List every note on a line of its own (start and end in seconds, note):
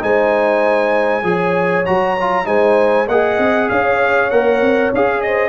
0.00 1.23 G#3
0.00 1.22 D#4
0.00 1.24 C5
0.00 1.85 G#5
1.23 1.84 F3
1.23 1.85 G#4
1.23 2.46 C#5
1.85 2.46 F#3
1.85 2.17 F#4
1.85 2.46 A#5
2.20 2.45 F4
2.45 3.07 G#3
2.45 3.06 D#4
2.45 3.07 C5
2.45 3.08 G#5
3.07 3.38 A#3
3.07 4.31 G#4
3.07 3.68 D#5
3.07 3.69 F#5
3.38 3.69 C4
3.69 4.32 C#4
3.69 5.22 C#5
3.69 4.30 F5
4.30 4.61 A#3
4.30 4.92 A#4
4.30 4.91 F#5
4.61 4.92 C4
4.93 5.49 C#4
4.93 5.49 G#4
4.93 5.21 F5
5.21 5.49 C5
5.21 5.49 D#5